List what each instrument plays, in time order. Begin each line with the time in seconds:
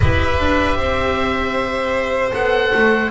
0.00 double bass E4, viola G4, violin B4, oboe E5
0.39 double bass D4
0.75 double bass C4, violin C5
2.32 double bass B3, viola A4, oboe F#5
2.74 double bass A3